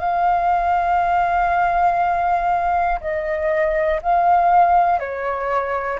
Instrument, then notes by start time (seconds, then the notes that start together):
flute
0.00 F5
3.01 D#5
4.02 F5
5.00 C#5